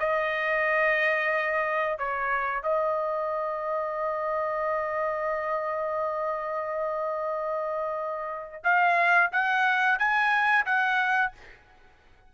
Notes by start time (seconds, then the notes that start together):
0.00 D#5
1.99 C#5
2.63 D#5
8.64 F5
9.32 F#5
9.99 G#5
10.66 F#5